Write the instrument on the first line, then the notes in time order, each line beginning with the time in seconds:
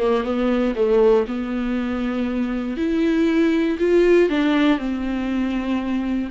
viola
0.00 A#3
0.24 B3
0.76 A3
1.28 B3
2.78 E4
3.79 F4
4.30 D4
4.79 C4